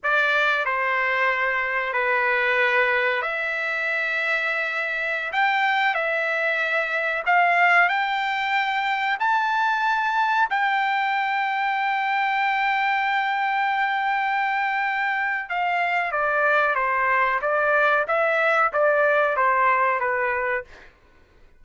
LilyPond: \new Staff \with { instrumentName = "trumpet" } { \time 4/4 \tempo 4 = 93 d''4 c''2 b'4~ | b'4 e''2.~ | e''16 g''4 e''2 f''8.~ | f''16 g''2 a''4.~ a''16~ |
a''16 g''2.~ g''8.~ | g''1 | f''4 d''4 c''4 d''4 | e''4 d''4 c''4 b'4 | }